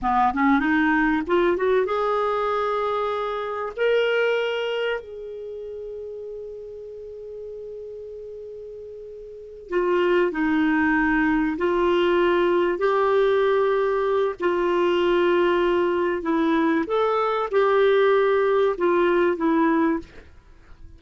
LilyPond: \new Staff \with { instrumentName = "clarinet" } { \time 4/4 \tempo 4 = 96 b8 cis'8 dis'4 f'8 fis'8 gis'4~ | gis'2 ais'2 | gis'1~ | gis'2.~ gis'8 f'8~ |
f'8 dis'2 f'4.~ | f'8 g'2~ g'8 f'4~ | f'2 e'4 a'4 | g'2 f'4 e'4 | }